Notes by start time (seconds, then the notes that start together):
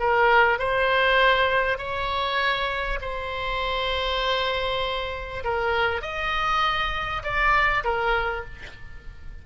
0.00 A#4
0.59 C5
1.78 C#5
3.01 C5
5.44 A#4
6.02 D#5
7.23 D5
7.84 A#4